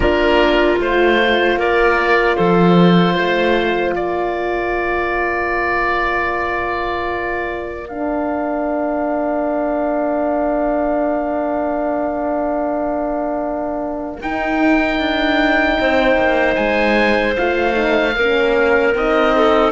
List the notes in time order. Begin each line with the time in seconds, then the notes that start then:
0.00 A#3 D4 F4 A#4
0.79 A3 F4 C5
1.57 A#3 A#4 D5
2.36 F3 A4 C5
3.14 A3 C5
3.92 A#3 A#4 D5
7.88 D4 F5
14.21 D#4 G5
14.99 D4
15.79 C4 C5
16.16 A#3
16.55 G#3 G#5
17.36 A3 F4 F5
17.73 D#4
18.16 A#3 C#4 A#4
18.94 C4 D#4 D#5
19.35 A4